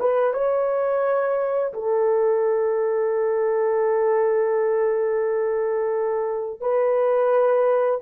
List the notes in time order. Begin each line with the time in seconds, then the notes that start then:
0.00 B4
0.34 C#5
1.74 A4
6.61 B4